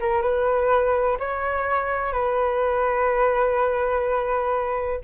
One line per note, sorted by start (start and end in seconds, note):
0.00 0.22 A#4
0.22 1.18 B4
1.19 2.13 C#5
2.13 5.01 B4